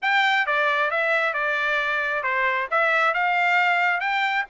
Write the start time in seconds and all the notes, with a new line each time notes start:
0.01 G5
0.46 D5
0.90 E5
1.33 D5
2.23 C5
2.70 E5
3.13 F5
4.00 G5